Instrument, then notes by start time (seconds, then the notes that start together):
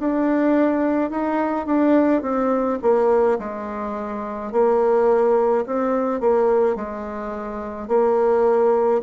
bassoon
0.00 D4
1.11 D#4
1.66 D4
2.22 C4
2.82 A#3
3.39 G#3
4.52 A#3
5.66 C4
6.21 A#3
6.76 G#3
7.88 A#3